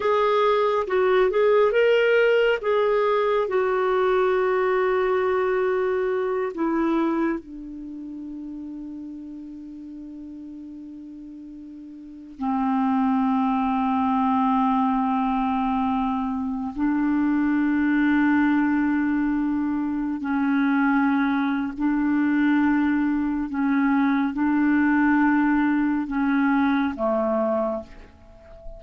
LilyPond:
\new Staff \with { instrumentName = "clarinet" } { \time 4/4 \tempo 4 = 69 gis'4 fis'8 gis'8 ais'4 gis'4 | fis'2.~ fis'8 e'8~ | e'8 d'2.~ d'8~ | d'2~ d'16 c'4.~ c'16~ |
c'2.~ c'16 d'8.~ | d'2.~ d'16 cis'8.~ | cis'4 d'2 cis'4 | d'2 cis'4 a4 | }